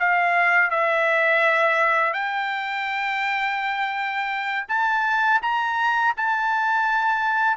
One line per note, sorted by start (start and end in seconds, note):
0.00 0.71 F5
0.71 2.14 E5
2.14 4.67 G5
4.69 5.41 A5
5.42 6.14 A#5
6.17 7.57 A5